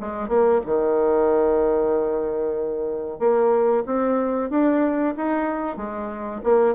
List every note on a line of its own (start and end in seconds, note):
0.00 0.29 G#3
0.29 0.61 A#3
0.66 3.19 D#3
3.19 3.84 A#3
3.86 4.50 C4
4.50 5.14 D4
5.17 5.77 D#4
5.77 6.41 G#3
6.44 6.75 A#3